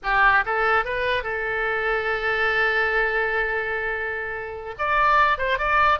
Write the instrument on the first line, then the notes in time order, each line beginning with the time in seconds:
oboe
0.03 G4
0.45 A4
0.84 B4
1.23 A4
4.78 D5
5.38 C5
5.58 D5